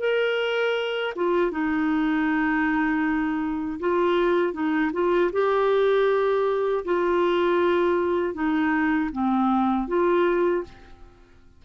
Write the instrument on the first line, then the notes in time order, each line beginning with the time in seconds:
clarinet
0.00 A#4
1.16 F4
1.52 D#4
3.80 F4
4.54 D#4
4.93 F4
5.33 G4
6.85 F4
8.35 D#4
9.13 C4
9.88 F4